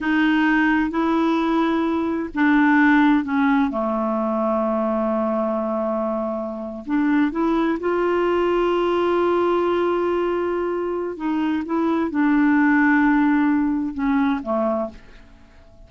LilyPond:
\new Staff \with { instrumentName = "clarinet" } { \time 4/4 \tempo 4 = 129 dis'2 e'2~ | e'4 d'2 cis'4 | a1~ | a2~ a8. d'4 e'16~ |
e'8. f'2.~ f'16~ | f'1 | dis'4 e'4 d'2~ | d'2 cis'4 a4 | }